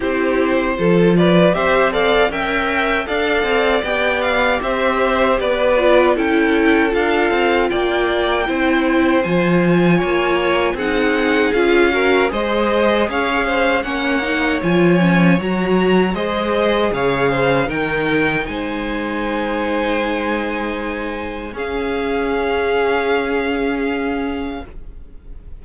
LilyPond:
<<
  \new Staff \with { instrumentName = "violin" } { \time 4/4 \tempo 4 = 78 c''4. d''8 e''8 f''8 g''4 | f''4 g''8 f''8 e''4 d''4 | g''4 f''4 g''2 | gis''2 fis''4 f''4 |
dis''4 f''4 fis''4 gis''4 | ais''4 dis''4 f''4 g''4 | gis''1 | f''1 | }
  \new Staff \with { instrumentName = "violin" } { \time 4/4 g'4 a'8 b'8 c''8 d''8 e''4 | d''2 c''4 b'4 | a'2 d''4 c''4~ | c''4 cis''4 gis'4. ais'8 |
c''4 cis''8 c''8 cis''2~ | cis''4 c''4 cis''8 c''8 ais'4 | c''1 | gis'1 | }
  \new Staff \with { instrumentName = "viola" } { \time 4/4 e'4 f'4 g'8 a'8 ais'4 | a'4 g'2~ g'8 f'8 | e'4 f'2 e'4 | f'2 dis'4 f'8 fis'8 |
gis'2 cis'8 dis'8 f'8 cis'8 | fis'4 gis'2 dis'4~ | dis'1 | cis'1 | }
  \new Staff \with { instrumentName = "cello" } { \time 4/4 c'4 f4 c'4 cis'4 | d'8 c'8 b4 c'4 b4 | cis'4 d'8 c'8 ais4 c'4 | f4 ais4 c'4 cis'4 |
gis4 cis'4 ais4 f4 | fis4 gis4 cis4 dis4 | gis1 | cis'1 | }
>>